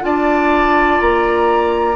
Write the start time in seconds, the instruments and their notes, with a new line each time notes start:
0.00 bassoon D4, clarinet F4, oboe D5, flute A5
1.00 bassoon A#3, flute A#5